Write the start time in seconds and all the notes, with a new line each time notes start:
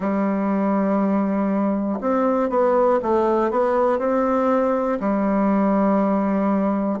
0.00 G3
2.00 C4
2.50 B3
3.02 A3
3.50 B3
3.98 C4
5.00 G3